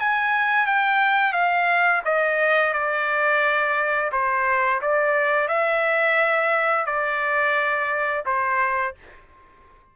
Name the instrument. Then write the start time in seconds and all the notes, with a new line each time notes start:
trumpet
0.00 G#5
0.66 G5
1.33 F5
2.05 D#5
2.73 D5
4.12 C5
4.82 D5
5.48 E5
6.86 D5
8.26 C5